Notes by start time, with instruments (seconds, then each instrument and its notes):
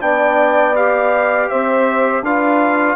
0.00 bassoon B3, trombone D4, saxophone D5, trumpet G5
0.75 trombone G4, trumpet F5
1.48 bassoon C4, saxophone C5, trumpet E5
2.22 bassoon D4, trombone F4, saxophone B4, trumpet F5